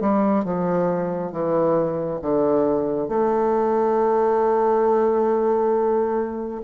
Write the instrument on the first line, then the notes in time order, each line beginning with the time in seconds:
bassoon
0.00 G3
0.44 F3
1.32 E3
2.21 D3
3.08 A3